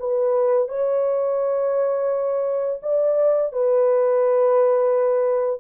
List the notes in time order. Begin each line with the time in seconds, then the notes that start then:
0.00 B4
0.69 C#5
2.82 D5
3.53 B4